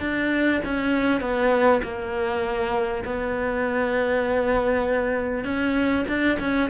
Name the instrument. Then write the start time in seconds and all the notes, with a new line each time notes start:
cello
0.00 D4
0.65 C#4
1.21 B3
1.83 A#3
3.05 B3
5.45 C#4
6.08 D4
6.40 C#4